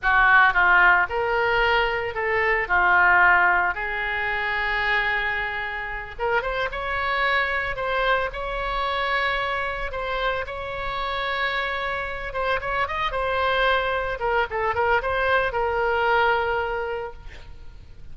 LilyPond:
\new Staff \with { instrumentName = "oboe" } { \time 4/4 \tempo 4 = 112 fis'4 f'4 ais'2 | a'4 f'2 gis'4~ | gis'2.~ gis'8 ais'8 | c''8 cis''2 c''4 cis''8~ |
cis''2~ cis''8 c''4 cis''8~ | cis''2. c''8 cis''8 | dis''8 c''2 ais'8 a'8 ais'8 | c''4 ais'2. | }